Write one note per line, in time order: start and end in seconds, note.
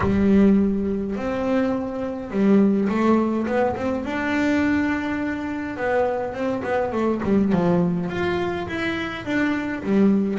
0.00 1.15 G3
1.16 2.31 C4
2.31 2.88 G3
2.88 3.46 A3
3.46 3.75 B3
3.76 4.04 C4
4.04 5.76 D4
5.76 6.33 B3
6.33 6.62 C4
6.63 6.92 B3
6.92 7.21 A3
7.23 7.52 G3
7.52 8.09 F3
8.09 8.67 F4
8.68 9.25 E4
9.25 9.83 D4
9.83 10.39 G3